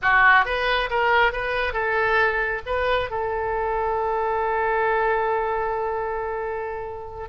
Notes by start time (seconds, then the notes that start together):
0.02 F#4
0.45 B4
0.90 A#4
1.32 B4
1.73 A4
2.66 B4
3.10 A4